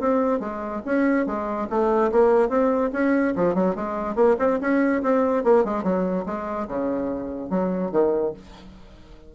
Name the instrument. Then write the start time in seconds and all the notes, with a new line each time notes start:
bassoon
0.00 C4
0.40 G#3
0.86 C#4
1.27 G#3
1.70 A3
2.12 A#3
2.49 C4
2.93 C#4
3.36 F3
3.55 F#3
3.76 G#3
4.16 A#3
4.39 C4
4.61 C#4
5.03 C4
5.44 A#3
5.65 G#3
5.84 F#3
6.26 G#3
6.68 C#3
7.50 F#3
7.92 D#3